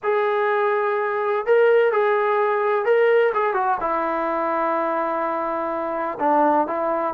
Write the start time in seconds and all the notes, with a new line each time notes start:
0.03 G#4
1.45 A#4
1.92 G#4
2.85 A#4
3.34 G#4
3.53 F#4
3.80 E4
6.19 D4
6.67 E4